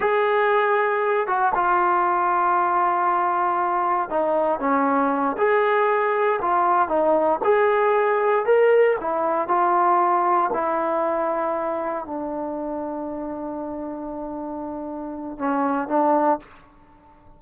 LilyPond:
\new Staff \with { instrumentName = "trombone" } { \time 4/4 \tempo 4 = 117 gis'2~ gis'8 fis'8 f'4~ | f'1 | dis'4 cis'4. gis'4.~ | gis'8 f'4 dis'4 gis'4.~ |
gis'8 ais'4 e'4 f'4.~ | f'8 e'2. d'8~ | d'1~ | d'2 cis'4 d'4 | }